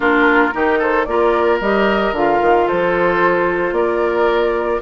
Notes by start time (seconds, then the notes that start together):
0.00 A#3 D4 F4 A#4
0.52 D#3 D#4 G4
0.79 A4 C5
1.04 A#3 F4 A#4 D5
1.60 G3 G4 D#5
2.12 D3 F4 F5
2.41 D#3
2.66 F3 A4 C5
3.72 A#3 A#4 D5